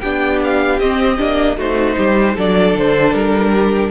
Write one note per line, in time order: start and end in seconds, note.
0.00 0.80 B3
0.00 0.81 D4
0.00 1.56 G4
0.00 0.39 G5
0.44 0.79 F5
0.79 1.19 C4
0.79 1.18 C4
0.79 1.57 D#5
1.18 1.56 A#3
1.18 1.57 D4
1.56 1.95 A3
1.56 2.36 D#4
1.56 1.95 F#4
1.56 2.37 C5
1.97 2.37 G3
1.97 2.34 G4
2.34 2.74 F#3
2.34 3.90 D4
2.34 3.51 A4
2.34 2.77 D5
2.74 3.13 D3
2.74 3.13 C5
3.13 3.90 G3
3.13 3.90 A#4
3.52 3.90 G4